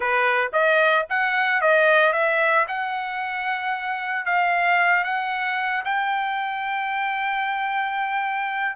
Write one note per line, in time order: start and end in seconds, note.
0.00 0.51 B4
0.52 1.05 D#5
1.09 1.61 F#5
1.61 2.12 D#5
2.12 2.65 E5
2.68 4.25 F#5
4.25 5.03 F5
5.03 5.83 F#5
5.85 8.75 G5